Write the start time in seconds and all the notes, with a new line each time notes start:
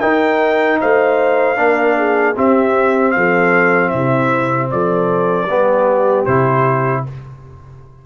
0.00 D#4 A#4 G5
0.80 A3 C5 F5
1.56 A#3 D4 A#4
1.97 G#4
2.36 C4 G4 E5
3.11 F3 A4 F5
3.89 C3 E4 E5
4.70 F3 A4 D5
5.45 G3 B3 G4
6.25 C3 E4 C5